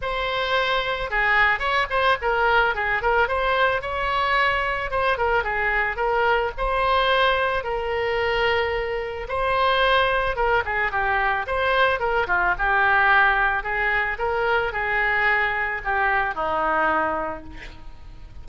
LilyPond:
\new Staff \with { instrumentName = "oboe" } { \time 4/4 \tempo 4 = 110 c''2 gis'4 cis''8 c''8 | ais'4 gis'8 ais'8 c''4 cis''4~ | cis''4 c''8 ais'8 gis'4 ais'4 | c''2 ais'2~ |
ais'4 c''2 ais'8 gis'8 | g'4 c''4 ais'8 f'8 g'4~ | g'4 gis'4 ais'4 gis'4~ | gis'4 g'4 dis'2 | }